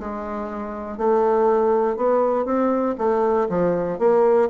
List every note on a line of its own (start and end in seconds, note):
0.00 0.98 G#3
0.98 1.97 A3
1.97 2.46 B3
2.46 2.96 C4
2.98 3.48 A3
3.50 3.99 F3
3.99 4.49 A#3